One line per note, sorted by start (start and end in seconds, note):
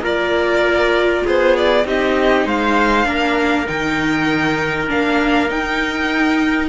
0.00 1.21 A#3
0.00 1.83 F4
0.00 1.24 A#4
0.00 1.26 D5
1.25 1.85 B3
1.25 1.86 G#4
1.25 1.56 C5
1.56 1.86 D5
1.84 2.45 C4
1.84 3.04 D#4
1.84 2.46 G4
1.84 2.47 D#5
2.45 3.05 G#3
2.45 3.07 C5
2.45 3.68 F5
3.04 3.66 A#3
3.04 3.65 D4
3.04 6.69 A#4
3.66 4.90 D#3
3.66 4.87 D#4
3.66 4.89 G5
4.88 5.50 A#3
4.88 5.48 D4
4.88 5.50 F5
5.48 6.69 D#4
5.48 6.69 G5